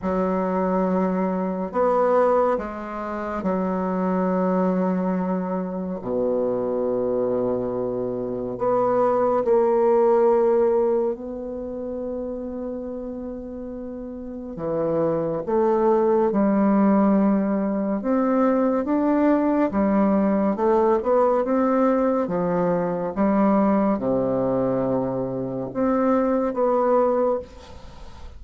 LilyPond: \new Staff \with { instrumentName = "bassoon" } { \time 4/4 \tempo 4 = 70 fis2 b4 gis4 | fis2. b,4~ | b,2 b4 ais4~ | ais4 b2.~ |
b4 e4 a4 g4~ | g4 c'4 d'4 g4 | a8 b8 c'4 f4 g4 | c2 c'4 b4 | }